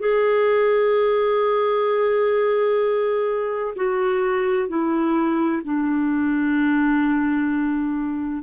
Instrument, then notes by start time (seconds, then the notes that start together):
clarinet
0.00 G#4
3.76 F#4
4.69 E4
5.65 D4